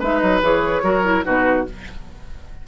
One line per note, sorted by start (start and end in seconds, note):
0.00 0.22 G#3
0.00 0.42 D#4
0.00 0.82 B4
0.00 0.19 E5
0.19 0.42 F#3
0.19 0.40 D#5
0.42 0.83 E3
0.42 0.83 G#4
0.42 1.25 C#5
0.83 1.24 F#3
0.83 1.04 F#4
0.83 1.25 A#4
1.04 1.24 E4
1.24 1.68 B2
1.24 1.65 D#4
1.24 1.66 F#4
1.24 1.66 B4